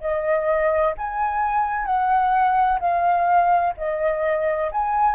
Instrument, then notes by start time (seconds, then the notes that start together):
flute
0.00 D#5
0.97 G#5
1.85 F#5
2.80 F5
3.77 D#5
4.71 G#5